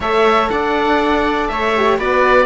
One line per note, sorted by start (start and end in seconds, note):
0.00 0.49 A3
0.00 1.74 A4
0.00 0.50 C#5
0.00 0.49 E5
0.49 1.49 D4
0.49 1.51 D5
0.49 1.47 F#5
1.47 1.98 A3
1.47 1.97 C#5
1.47 1.97 E5
1.76 1.99 G4
1.97 2.45 B3
1.97 2.45 F#4
1.97 2.45 B4
1.97 2.45 D5